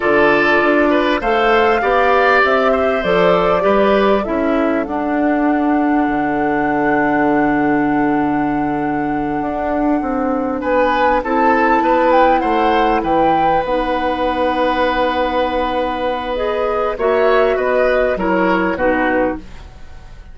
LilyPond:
<<
  \new Staff \with { instrumentName = "flute" } { \time 4/4 \tempo 4 = 99 d''2 f''2 | e''4 d''2 e''4 | fis''1~ | fis''1~ |
fis''4. gis''4 a''4. | g''8 fis''4 g''4 fis''4.~ | fis''2. dis''4 | e''4 dis''4 cis''4 b'4 | }
  \new Staff \with { instrumentName = "oboe" } { \time 4/4 a'4. b'8 c''4 d''4~ | d''8 c''4. b'4 a'4~ | a'1~ | a'1~ |
a'4. b'4 a'4 b'8~ | b'8 c''4 b'2~ b'8~ | b'1 | cis''4 b'4 ais'4 fis'4 | }
  \new Staff \with { instrumentName = "clarinet" } { \time 4/4 f'2 a'4 g'4~ | g'4 a'4 g'4 e'4 | d'1~ | d'1~ |
d'2~ d'8 e'4.~ | e'2~ e'8 dis'4.~ | dis'2. gis'4 | fis'2 e'4 dis'4 | }
  \new Staff \with { instrumentName = "bassoon" } { \time 4/4 d4 d'4 a4 b4 | c'4 f4 g4 cis'4 | d'2 d2~ | d2.~ d8 d'8~ |
d'8 c'4 b4 c'4 b8~ | b8 a4 e4 b4.~ | b1 | ais4 b4 fis4 b,4 | }
>>